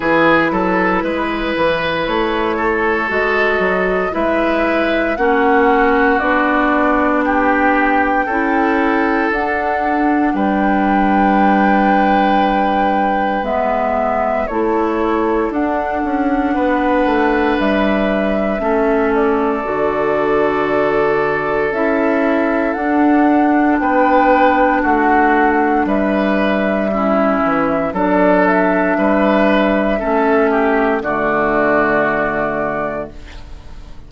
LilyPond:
<<
  \new Staff \with { instrumentName = "flute" } { \time 4/4 \tempo 4 = 58 b'2 cis''4 dis''4 | e''4 fis''4 d''4 g''4~ | g''4 fis''4 g''2~ | g''4 e''4 cis''4 fis''4~ |
fis''4 e''4. d''4.~ | d''4 e''4 fis''4 g''4 | fis''4 e''2 d''8 e''8~ | e''2 d''2 | }
  \new Staff \with { instrumentName = "oboe" } { \time 4/4 gis'8 a'8 b'4. a'4. | b'4 fis'2 g'4 | a'2 b'2~ | b'2 a'2 |
b'2 a'2~ | a'2. b'4 | fis'4 b'4 e'4 a'4 | b'4 a'8 g'8 fis'2 | }
  \new Staff \with { instrumentName = "clarinet" } { \time 4/4 e'2. fis'4 | e'4 cis'4 d'2 | e'4 d'2.~ | d'4 b4 e'4 d'4~ |
d'2 cis'4 fis'4~ | fis'4 e'4 d'2~ | d'2 cis'4 d'4~ | d'4 cis'4 a2 | }
  \new Staff \with { instrumentName = "bassoon" } { \time 4/4 e8 fis8 gis8 e8 a4 gis8 fis8 | gis4 ais4 b2 | cis'4 d'4 g2~ | g4 gis4 a4 d'8 cis'8 |
b8 a8 g4 a4 d4~ | d4 cis'4 d'4 b4 | a4 g4. e8 fis4 | g4 a4 d2 | }
>>